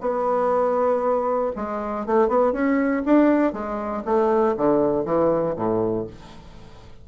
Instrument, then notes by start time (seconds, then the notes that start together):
bassoon
0.00 B3
1.55 G#3
2.06 A3
2.28 B3
2.52 C#4
3.05 D4
3.52 G#3
4.05 A3
4.57 D3
5.04 E3
5.56 A2